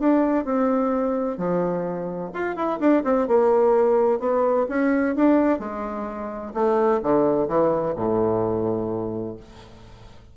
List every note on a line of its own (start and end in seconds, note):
0.00 0.45 D4
0.45 1.38 C4
1.38 2.32 F3
2.34 2.57 F4
2.57 2.80 E4
2.80 3.04 D4
3.05 3.28 C4
3.28 4.20 A#3
4.20 4.67 B3
4.69 5.16 C#4
5.16 5.60 D4
5.60 6.53 G#3
6.54 7.01 A3
7.03 7.49 D3
7.49 7.95 E3
7.96 9.37 A2